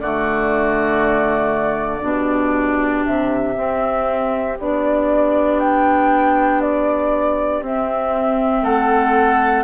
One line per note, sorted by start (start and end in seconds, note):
0.00 2.02 D3
0.00 2.01 A3
0.00 2.04 F#4
0.00 3.05 D5
2.01 3.03 B2
2.01 3.54 D4
2.01 8.63 G4
3.05 3.57 C3
3.05 4.58 E5
3.56 4.57 C4
3.56 4.59 C4
4.59 7.61 B3
4.59 7.63 D4
4.59 5.59 D5
5.59 6.61 G5
6.61 7.63 D5
7.61 8.62 C4
7.61 9.64 C4
7.61 8.65 E5
8.62 9.64 A3
8.62 9.64 A4
8.62 9.64 F#5